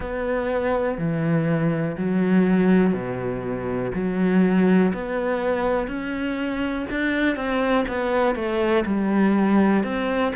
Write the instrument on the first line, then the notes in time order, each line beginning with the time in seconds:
cello
0.00 B3
0.97 E3
1.97 F#3
2.93 B2
3.94 F#3
4.93 B3
5.87 C#4
6.91 D4
7.35 C4
7.88 B3
8.35 A3
8.85 G3
9.83 C4